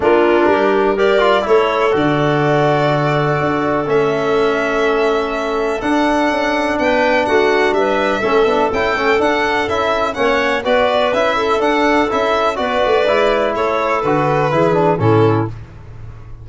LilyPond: <<
  \new Staff \with { instrumentName = "violin" } { \time 4/4 \tempo 4 = 124 ais'2 d''4 cis''4 | d''1 | e''1 | fis''2 g''4 fis''4 |
e''2 g''4 fis''4 | e''4 fis''4 d''4 e''4 | fis''4 e''4 d''2 | cis''4 b'2 a'4 | }
  \new Staff \with { instrumentName = "clarinet" } { \time 4/4 f'4 g'4 ais'4 a'4~ | a'1~ | a'1~ | a'2 b'4 fis'4 |
b'4 a'2.~ | a'4 cis''4 b'4. a'8~ | a'2 b'2 | a'2 gis'4 e'4 | }
  \new Staff \with { instrumentName = "trombone" } { \time 4/4 d'2 g'8 f'8 e'4 | fis'1 | cis'1 | d'1~ |
d'4 cis'8 d'8 e'8 cis'8 d'4 | e'4 cis'4 fis'4 e'4 | d'4 e'4 fis'4 e'4~ | e'4 fis'4 e'8 d'8 cis'4 | }
  \new Staff \with { instrumentName = "tuba" } { \time 4/4 ais4 g2 a4 | d2. d'4 | a1 | d'4 cis'4 b4 a4 |
g4 a8 b8 cis'8 a8 d'4 | cis'4 ais4 b4 cis'4 | d'4 cis'4 b8 a8 gis4 | a4 d4 e4 a,4 | }
>>